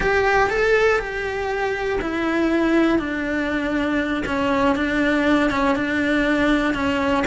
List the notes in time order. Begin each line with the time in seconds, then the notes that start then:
0.00 G4
0.50 A4
0.99 G4
2.01 E4
2.98 D4
4.26 C#4
4.75 D4
5.50 C#4
5.75 D4
6.74 C#4